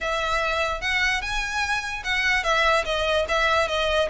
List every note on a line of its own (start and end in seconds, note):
0.00 0.81 E5
0.81 1.21 F#5
1.21 2.03 G#5
2.04 2.43 F#5
2.43 2.84 E5
2.84 3.25 D#5
3.28 3.68 E5
3.68 4.09 D#5